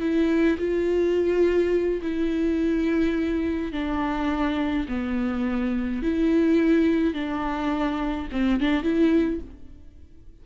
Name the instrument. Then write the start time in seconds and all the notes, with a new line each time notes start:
viola
0.00 E4
0.58 F4
2.02 E4
3.72 D4
4.88 B3
6.02 E4
7.14 D4
8.32 C4
8.60 D4
8.83 E4